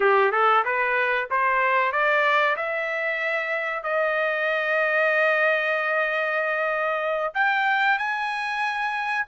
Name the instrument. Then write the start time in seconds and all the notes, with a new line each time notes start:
trumpet
0.00 G4
0.31 A4
0.64 B4
1.30 C5
1.91 D5
2.56 E5
3.83 D#5
7.34 G5
7.98 G#5